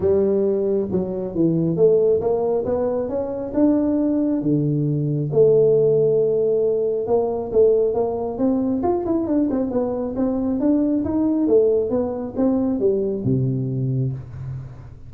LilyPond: \new Staff \with { instrumentName = "tuba" } { \time 4/4 \tempo 4 = 136 g2 fis4 e4 | a4 ais4 b4 cis'4 | d'2 d2 | a1 |
ais4 a4 ais4 c'4 | f'8 e'8 d'8 c'8 b4 c'4 | d'4 dis'4 a4 b4 | c'4 g4 c2 | }